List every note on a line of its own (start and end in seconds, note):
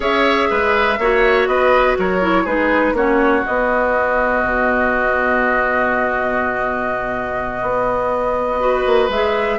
0.00 0.49 C#4
0.00 0.97 G#4
0.00 0.48 C#5
0.00 1.47 E5
0.49 0.98 G#3
0.49 0.99 B4
0.98 1.47 A#3
0.98 2.21 F#4
0.98 1.49 C#5
1.47 1.96 B3
1.47 1.98 B4
1.47 1.96 D#5
1.98 2.46 F#3
1.98 2.44 A#4
1.98 2.46 C#5
2.21 2.46 E4
2.44 2.92 G#3
2.44 2.95 D#4
2.44 2.93 G#4
2.44 2.95 B4
2.92 3.42 A#3
2.92 3.43 C#4
2.92 8.61 F#4
2.92 3.45 C#5
3.43 8.59 B3
3.43 4.42 B3
3.43 9.10 D#5
4.42 7.62 B2
7.62 8.85 B3
8.60 9.09 F#4
8.60 9.59 B4
8.86 9.08 A#3
9.08 9.57 G#3
9.08 9.59 G#4
9.08 9.59 E5